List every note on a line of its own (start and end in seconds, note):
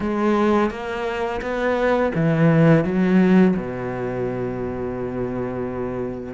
0.00 0.70 G#3
0.70 1.41 A#3
1.41 2.12 B3
2.15 2.84 E3
2.84 3.55 F#3
3.56 6.33 B2